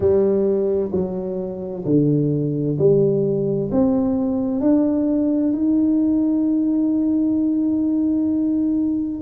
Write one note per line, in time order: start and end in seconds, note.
0.00 0.91 G3
0.91 1.84 F#3
1.85 2.77 D3
2.78 3.70 G3
3.71 4.60 C4
4.60 5.52 D4
5.52 9.21 D#4